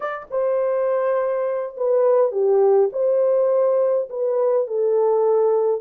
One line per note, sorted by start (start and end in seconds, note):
0.00 0.26 D5
0.30 1.76 C5
1.76 2.31 B4
2.31 2.89 G4
2.92 4.09 C5
4.09 4.67 B4
4.67 5.80 A4